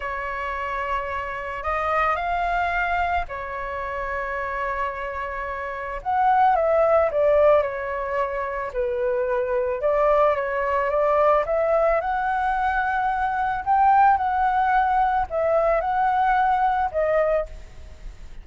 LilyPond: \new Staff \with { instrumentName = "flute" } { \time 4/4 \tempo 4 = 110 cis''2. dis''4 | f''2 cis''2~ | cis''2. fis''4 | e''4 d''4 cis''2 |
b'2 d''4 cis''4 | d''4 e''4 fis''2~ | fis''4 g''4 fis''2 | e''4 fis''2 dis''4 | }